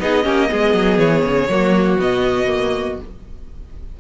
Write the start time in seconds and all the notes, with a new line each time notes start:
0.00 B3 D#4 G#4 D#5
0.23 A#3 C#4 G4
0.48 G#3 B3 G#4
0.74 F#3
0.98 E3 C#5
1.24 C#3
1.48 F#3 A#3 F#4
1.98 B2 B3 D#5
2.47 A#3